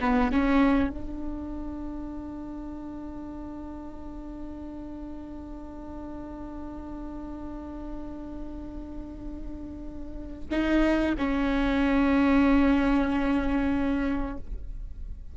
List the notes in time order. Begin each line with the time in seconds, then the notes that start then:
0.00 B3
0.32 C#4
0.89 D4
10.51 D#4
11.18 C#4